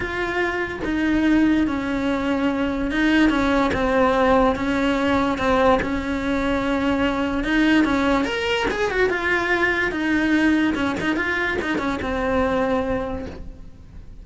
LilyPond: \new Staff \with { instrumentName = "cello" } { \time 4/4 \tempo 4 = 145 f'2 dis'2 | cis'2. dis'4 | cis'4 c'2 cis'4~ | cis'4 c'4 cis'2~ |
cis'2 dis'4 cis'4 | ais'4 gis'8 fis'8 f'2 | dis'2 cis'8 dis'8 f'4 | dis'8 cis'8 c'2. | }